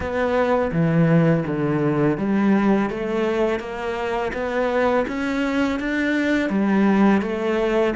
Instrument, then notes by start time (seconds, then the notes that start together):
cello
0.00 B3
0.72 E3
1.46 D3
2.17 G3
2.89 A3
3.59 A#3
4.33 B3
5.07 C#4
5.79 D4
6.49 G3
7.21 A3